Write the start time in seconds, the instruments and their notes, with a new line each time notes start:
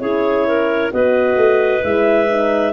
0.00 tuba C#4, horn E4, clarinet G#4 C#5
0.47 clarinet A#4
0.91 tuba B3, horn F#4, clarinet B4 D#5
1.36 tuba A3
1.83 tuba G#3, horn E4, clarinet E5
2.30 horn D#4